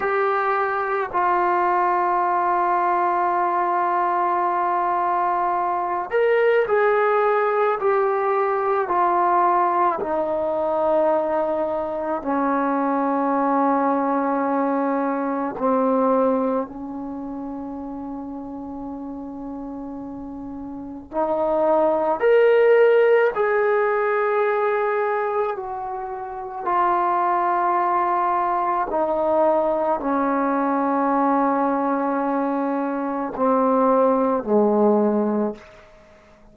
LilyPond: \new Staff \with { instrumentName = "trombone" } { \time 4/4 \tempo 4 = 54 g'4 f'2.~ | f'4. ais'8 gis'4 g'4 | f'4 dis'2 cis'4~ | cis'2 c'4 cis'4~ |
cis'2. dis'4 | ais'4 gis'2 fis'4 | f'2 dis'4 cis'4~ | cis'2 c'4 gis4 | }